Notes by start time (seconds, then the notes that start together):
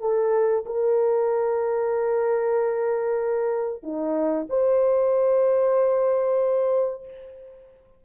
0.00 A4
0.66 A#4
3.83 D#4
4.49 C5